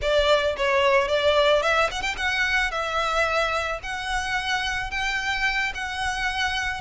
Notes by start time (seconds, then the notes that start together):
0.01 D5
0.57 C#5
1.08 D5
1.62 E5
1.91 F#5
2.01 G5
2.17 F#5
2.71 E5
3.82 F#5
4.90 G5
5.74 F#5